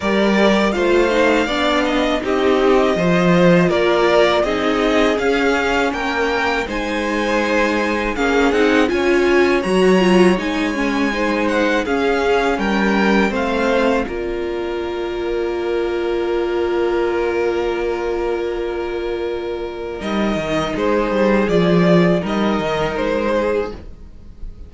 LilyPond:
<<
  \new Staff \with { instrumentName = "violin" } { \time 4/4 \tempo 4 = 81 d''4 f''2 dis''4~ | dis''4 d''4 dis''4 f''4 | g''4 gis''2 f''8 fis''8 | gis''4 ais''4 gis''4. fis''8 |
f''4 g''4 f''4 d''4~ | d''1~ | d''2. dis''4 | c''4 d''4 dis''4 c''4 | }
  \new Staff \with { instrumentName = "violin" } { \time 4/4 ais'4 c''4 d''8 dis''8 g'4 | c''4 ais'4 gis'2 | ais'4 c''2 gis'4 | cis''2. c''4 |
gis'4 ais'4 c''4 ais'4~ | ais'1~ | ais'1 | gis'2 ais'4. gis'8 | }
  \new Staff \with { instrumentName = "viola" } { \time 4/4 g'4 f'8 dis'8 d'4 dis'4 | f'2 dis'4 cis'4~ | cis'4 dis'2 cis'8 dis'8 | f'4 fis'8 f'8 dis'8 cis'8 dis'4 |
cis'2 c'4 f'4~ | f'1~ | f'2. dis'4~ | dis'4 f'4 dis'2 | }
  \new Staff \with { instrumentName = "cello" } { \time 4/4 g4 a4 b4 c'4 | f4 ais4 c'4 cis'4 | ais4 gis2 ais8 c'8 | cis'4 fis4 gis2 |
cis'4 g4 a4 ais4~ | ais1~ | ais2. g8 dis8 | gis8 g8 f4 g8 dis8 gis4 | }
>>